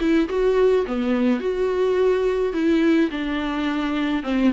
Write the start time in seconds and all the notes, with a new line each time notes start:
0.00 E4
0.29 F#4
0.86 B3
1.40 F#4
2.53 E4
3.11 D4
4.23 C4